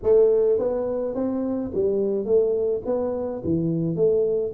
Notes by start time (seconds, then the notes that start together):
0.02 A3
0.58 B3
1.14 C4
1.74 G3
2.25 A3
2.85 B3
3.44 E3
3.95 A3